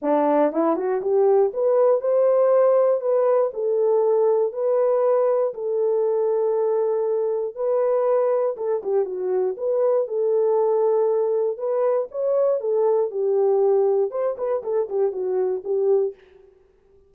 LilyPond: \new Staff \with { instrumentName = "horn" } { \time 4/4 \tempo 4 = 119 d'4 e'8 fis'8 g'4 b'4 | c''2 b'4 a'4~ | a'4 b'2 a'4~ | a'2. b'4~ |
b'4 a'8 g'8 fis'4 b'4 | a'2. b'4 | cis''4 a'4 g'2 | c''8 b'8 a'8 g'8 fis'4 g'4 | }